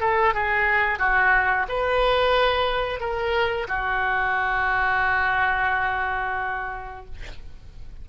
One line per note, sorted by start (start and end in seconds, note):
0.00 0.34 A4
0.34 0.99 G#4
0.99 1.66 F#4
1.68 3.00 B4
3.00 3.67 A#4
3.68 7.05 F#4